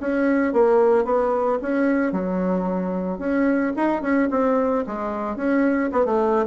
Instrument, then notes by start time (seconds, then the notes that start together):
bassoon
0.00 C#4
0.53 A#3
1.04 B3
1.61 C#4
2.12 F#3
3.18 C#4
3.76 D#4
4.01 C#4
4.30 C4
4.86 G#3
5.36 C#4
5.92 B3
6.05 A3